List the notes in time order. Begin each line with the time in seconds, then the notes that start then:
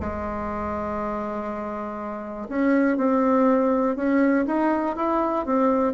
0.00 G#3
2.49 C#4
2.97 C4
3.96 C#4
4.46 D#4
4.96 E4
5.45 C4